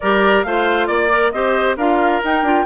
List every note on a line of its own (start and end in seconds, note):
0.00 0.43 G3
0.00 0.46 G4
0.00 0.45 A#4
0.00 0.43 D5
0.43 0.88 A3
0.43 1.09 F4
0.43 0.87 C5
0.43 0.86 F5
0.86 1.32 A#3
0.86 1.30 D5
0.86 1.32 D5
1.09 1.32 A#4
1.31 1.76 C4
1.31 1.78 G4
1.31 1.76 C5
1.31 1.75 D#5
1.76 2.21 D4
1.76 2.23 F4
1.76 2.65 A#4
1.76 2.22 F5
2.23 2.42 D#4
2.23 2.45 D#4
2.23 2.66 G5
2.42 2.64 D4
2.42 2.66 F4